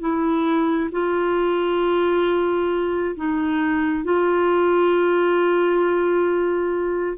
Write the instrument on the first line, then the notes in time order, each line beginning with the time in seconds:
clarinet
0.00 E4
0.92 F4
3.16 D#4
4.04 F4